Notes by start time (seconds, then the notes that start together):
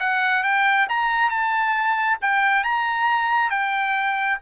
0.00 F#5
0.44 G5
0.89 A#5
1.30 A5
2.22 G5
2.64 A#5
3.50 G5